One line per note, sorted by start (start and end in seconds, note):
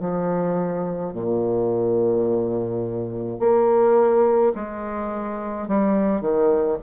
0.00 1.13 F3
1.13 3.40 A#2
3.40 4.53 A#3
4.55 5.68 G#3
5.68 6.21 G3
6.21 6.77 D#3